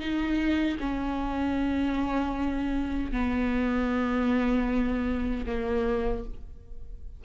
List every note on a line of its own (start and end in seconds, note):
0.00 0.78 D#4
0.80 3.12 C#4
3.12 5.46 B3
5.46 6.24 A#3